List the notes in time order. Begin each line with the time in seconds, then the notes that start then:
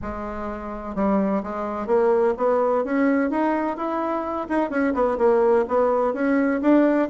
0.02 G#3
0.95 G3
1.43 G#3
1.86 A#3
2.37 B3
2.84 C#4
3.30 D#4
3.76 E4
4.48 D#4
4.70 C#4
4.94 B3
5.17 A#3
5.68 B3
6.13 C#4
6.61 D4